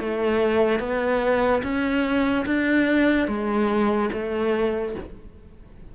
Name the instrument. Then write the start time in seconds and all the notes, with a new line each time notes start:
cello
0.00 A3
0.80 B3
1.63 C#4
2.46 D4
3.28 G#3
4.13 A3